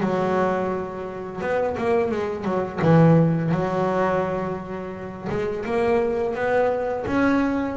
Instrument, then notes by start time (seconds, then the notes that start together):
double bass
0.00 F#3
1.41 B3
1.77 A#3
2.11 G#3
2.44 F#3
2.82 E3
3.51 F#3
5.29 G#3
5.65 A#3
6.35 B3
7.07 C#4